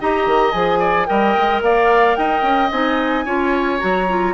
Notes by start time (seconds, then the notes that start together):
0.00 D#4 G4 D#5 A#5
0.26 D#3
0.51 F3 G#4 G#5
0.79 D5
1.05 G3 A#4 D#5 G5
1.36 G#3
1.61 A#3 D5 F5
2.15 D#4 D#5 G5
2.42 C#4
2.71 C4 D#4 G#5
3.25 C#4 F4 C#5
3.79 F#3 F#4 A#5
4.09 F4